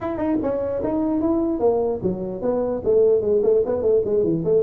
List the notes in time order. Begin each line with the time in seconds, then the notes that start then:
0.00 E4
0.17 D#4
0.42 C#4
0.83 D#4
1.20 E4
1.59 A#3
2.02 F#3
2.41 B3
2.84 A3
3.21 G#3
3.42 A3
3.65 B3
3.82 A3
4.04 G#3
4.23 E3
4.44 A3